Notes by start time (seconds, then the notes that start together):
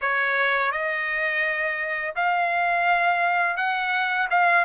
0.01 C#5
0.71 D#5
2.15 F5
3.56 F#5
4.30 F5